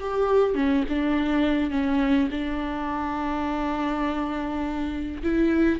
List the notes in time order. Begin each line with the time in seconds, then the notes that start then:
0.00 G4
0.55 C#4
0.89 D4
1.71 C#4
2.31 D4
5.23 E4